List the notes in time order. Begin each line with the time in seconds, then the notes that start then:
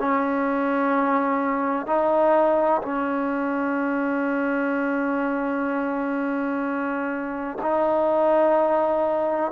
0.00 C#4
1.87 D#4
2.82 C#4
7.62 D#4